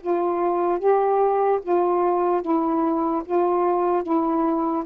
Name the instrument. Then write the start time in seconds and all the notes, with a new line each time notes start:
saxophone
0.00 F4
0.79 G4
1.62 F4
2.41 E4
3.25 F4
4.02 E4